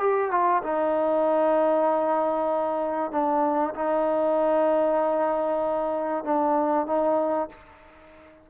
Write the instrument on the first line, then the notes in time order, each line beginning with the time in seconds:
trombone
0.00 G4
0.31 F4
0.63 D#4
3.12 D4
3.75 D#4
6.25 D4
6.87 D#4